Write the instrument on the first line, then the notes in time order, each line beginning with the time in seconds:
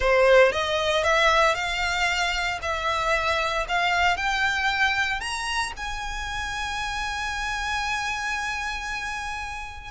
violin
0.00 C5
0.51 D#5
1.03 E5
1.54 F5
2.62 E5
3.68 F5
4.16 G5
5.20 A#5
5.77 G#5